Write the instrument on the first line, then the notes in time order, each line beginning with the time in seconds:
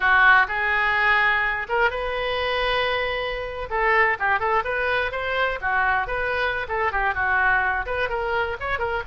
oboe
0.00 F#4
0.48 G#4
1.69 A#4
1.90 B4
3.69 A4
4.19 G4
4.39 A4
4.64 B4
5.11 C5
5.61 F#4
6.07 B4
6.68 A4
6.92 G4
7.14 F#4
7.86 B4
8.09 A#4
8.60 C#5
8.78 A#4